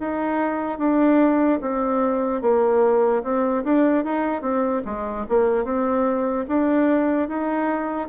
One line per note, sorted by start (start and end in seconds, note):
0.00 0.79 D#4
0.79 1.60 D4
1.61 2.42 C4
2.42 3.23 A#3
3.23 3.64 C4
3.64 4.05 D4
4.05 4.42 D#4
4.42 4.82 C4
4.85 5.26 G#3
5.29 5.65 A#3
5.65 6.46 C4
6.48 7.29 D4
7.29 8.09 D#4